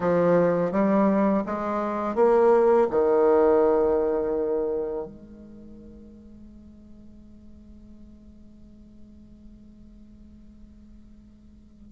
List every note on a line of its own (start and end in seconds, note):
0.00 0.71 F3
0.71 1.43 G3
1.46 2.15 G#3
2.15 2.87 A#3
2.90 5.06 D#3
5.06 11.91 G#3